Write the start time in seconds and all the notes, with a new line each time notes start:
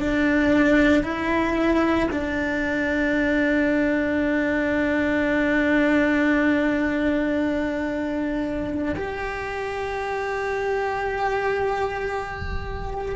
0.00 D4
1.03 E4
2.11 D4
8.96 G4